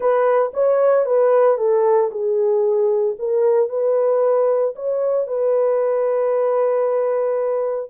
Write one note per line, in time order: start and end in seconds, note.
0.00 0.51 B4
0.53 1.05 C#5
1.05 1.57 B4
1.57 2.10 A4
2.11 3.16 G#4
3.18 3.69 A#4
3.69 4.74 B4
4.75 5.27 C#5
5.27 7.90 B4